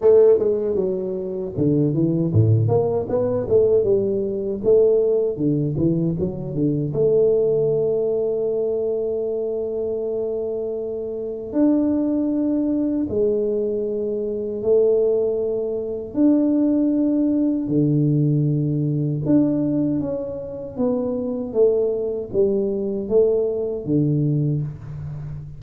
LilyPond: \new Staff \with { instrumentName = "tuba" } { \time 4/4 \tempo 4 = 78 a8 gis8 fis4 d8 e8 a,8 ais8 | b8 a8 g4 a4 d8 e8 | fis8 d8 a2.~ | a2. d'4~ |
d'4 gis2 a4~ | a4 d'2 d4~ | d4 d'4 cis'4 b4 | a4 g4 a4 d4 | }